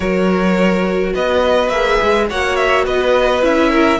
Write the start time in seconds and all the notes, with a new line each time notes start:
0.00 F#3 F#4 A#4 C#5
1.13 B3 B4 D#5
1.69 A#3 G#4 E5
2.02 G#3
2.29 A#3 F#4 C#5 F#5
2.56 E5
2.84 B3 B4 D#5
3.42 C#4 E4 E5
3.70 A#4